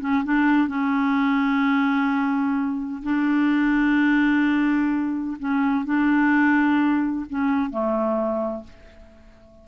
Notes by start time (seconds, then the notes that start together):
0.00 C#4
0.24 D4
0.68 C#4
3.03 D4
5.39 C#4
5.85 D4
7.29 C#4
7.70 A3